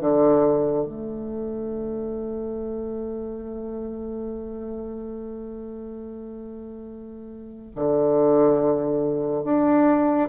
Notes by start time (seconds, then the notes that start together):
0.00 D3
0.86 A3
7.75 D3
9.44 D4